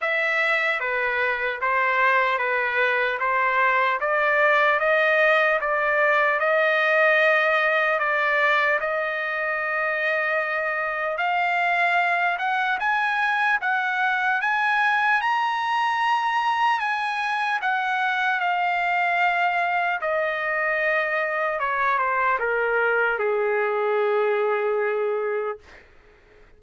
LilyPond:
\new Staff \with { instrumentName = "trumpet" } { \time 4/4 \tempo 4 = 75 e''4 b'4 c''4 b'4 | c''4 d''4 dis''4 d''4 | dis''2 d''4 dis''4~ | dis''2 f''4. fis''8 |
gis''4 fis''4 gis''4 ais''4~ | ais''4 gis''4 fis''4 f''4~ | f''4 dis''2 cis''8 c''8 | ais'4 gis'2. | }